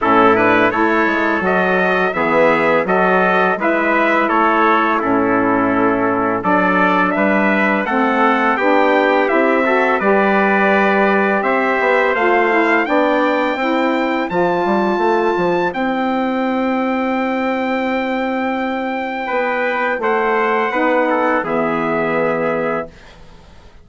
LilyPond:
<<
  \new Staff \with { instrumentName = "trumpet" } { \time 4/4 \tempo 4 = 84 a'8 b'8 cis''4 dis''4 e''4 | dis''4 e''4 cis''4 a'4~ | a'4 d''4 e''4 fis''4 | g''4 e''4 d''2 |
e''4 f''4 g''2 | a''2 g''2~ | g''1 | fis''2 e''2 | }
  \new Staff \with { instrumentName = "trumpet" } { \time 4/4 e'4 a'2 gis'4 | a'4 b'4 a'4 e'4~ | e'4 a'4 b'4 a'4 | g'4. a'8 b'2 |
c''2 d''4 c''4~ | c''1~ | c''2. b'4 | c''4 b'8 a'8 gis'2 | }
  \new Staff \with { instrumentName = "saxophone" } { \time 4/4 cis'8 d'8 e'4 fis'4 b4 | fis'4 e'2 cis'4~ | cis'4 d'2 c'4 | d'4 e'8 fis'8 g'2~ |
g'4 f'8 e'8 d'4 e'4 | f'2 e'2~ | e'1~ | e'4 dis'4 b2 | }
  \new Staff \with { instrumentName = "bassoon" } { \time 4/4 a,4 a8 gis8 fis4 e4 | fis4 gis4 a4 a,4~ | a,4 fis4 g4 a4 | b4 c'4 g2 |
c'8 b8 a4 b4 c'4 | f8 g8 a8 f8 c'2~ | c'2. b4 | a4 b4 e2 | }
>>